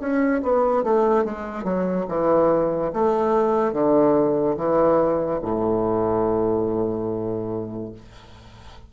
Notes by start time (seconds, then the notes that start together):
0.00 C#4
0.42 B3
0.83 A3
1.25 G#3
1.64 F#3
2.08 E3
2.93 A3
3.73 D3
4.56 E3
5.42 A2